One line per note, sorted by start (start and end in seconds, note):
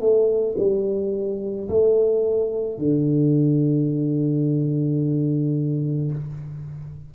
0.00 0.56 A3
0.58 1.69 G3
1.69 2.78 A3
2.78 6.12 D3